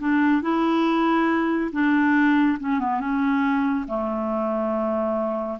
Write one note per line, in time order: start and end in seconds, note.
0.00 0.42 D4
0.42 1.71 E4
1.72 2.58 D4
2.59 2.79 C#4
2.79 3.00 B3
3.00 3.86 C#4
3.87 5.59 A3